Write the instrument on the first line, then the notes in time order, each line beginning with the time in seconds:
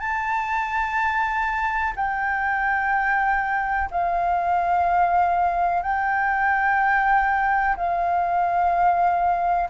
flute
0.00 A5
1.96 G5
3.91 F5
5.83 G5
7.76 F5